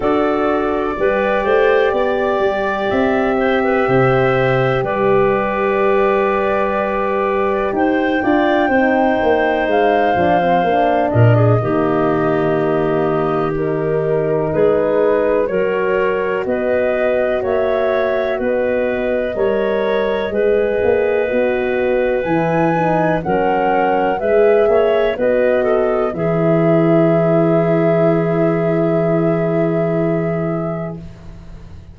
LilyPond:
<<
  \new Staff \with { instrumentName = "flute" } { \time 4/4 \tempo 4 = 62 d''2. e''4~ | e''4 d''2. | g''2 f''4. dis''8~ | dis''2 ais'4 b'4 |
cis''4 dis''4 e''4 dis''4~ | dis''2. gis''4 | fis''4 e''4 dis''4 e''4~ | e''1 | }
  \new Staff \with { instrumentName = "clarinet" } { \time 4/4 a'4 b'8 c''8 d''4. c''16 b'16 | c''4 b'2. | c''8 d''8 c''2~ c''8 ais'16 gis'16 | g'2. gis'4 |
ais'4 b'4 cis''4 b'4 | cis''4 b'2. | ais'4 b'8 cis''8 b'8 a'8 gis'4~ | gis'1 | }
  \new Staff \with { instrumentName = "horn" } { \time 4/4 fis'4 g'2.~ | g'1~ | g'8 f'8 dis'4. d'16 c'16 d'4 | ais2 dis'2 |
fis'1 | ais'4 gis'4 fis'4 e'8 dis'8 | cis'4 gis'4 fis'4 e'4~ | e'1 | }
  \new Staff \with { instrumentName = "tuba" } { \time 4/4 d'4 g8 a8 b8 g8 c'4 | c4 g2. | dis'8 d'8 c'8 ais8 gis8 f8 ais8 ais,8 | dis2. gis4 |
fis4 b4 ais4 b4 | g4 gis8 ais8 b4 e4 | fis4 gis8 ais8 b4 e4~ | e1 | }
>>